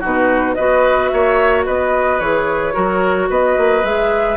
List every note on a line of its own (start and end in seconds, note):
0.00 0.58 B2
0.00 0.57 D#4
0.00 0.55 F#4
0.00 0.55 B4
0.55 1.12 B3
0.55 2.21 F#4
0.55 1.11 B4
0.55 1.08 D#5
1.08 1.67 A#3
1.08 1.66 C#5
1.08 1.62 E5
1.66 2.20 B3
1.66 2.74 B4
1.66 2.20 D#5
2.20 2.75 E3
2.20 2.73 G#4
2.20 3.29 C#5
2.73 3.30 F#3
2.73 3.82 F#4
2.73 3.28 A#4
3.30 3.57 B3
3.30 4.37 B4
3.30 3.85 D#5
3.57 3.83 A#3
3.83 4.37 G#3
3.83 4.37 G#4
3.83 4.37 E5